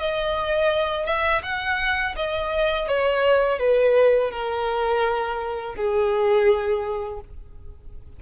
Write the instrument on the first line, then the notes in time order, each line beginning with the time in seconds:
violin
0.00 D#5
1.06 E5
1.43 F#5
2.16 D#5
2.88 C#5
3.59 B4
4.31 A#4
5.75 G#4